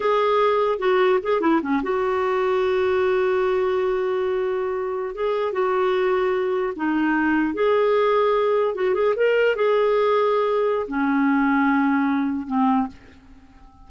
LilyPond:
\new Staff \with { instrumentName = "clarinet" } { \time 4/4 \tempo 4 = 149 gis'2 fis'4 gis'8 e'8 | cis'8 fis'2.~ fis'8~ | fis'1~ | fis'8. gis'4 fis'2~ fis'16~ |
fis'8. dis'2 gis'4~ gis'16~ | gis'4.~ gis'16 fis'8 gis'8 ais'4 gis'16~ | gis'2. cis'4~ | cis'2. c'4 | }